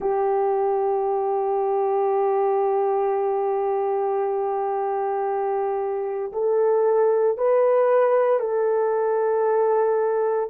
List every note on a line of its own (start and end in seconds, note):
0.00 6.32 G4
6.32 7.37 A4
7.37 8.39 B4
8.39 10.50 A4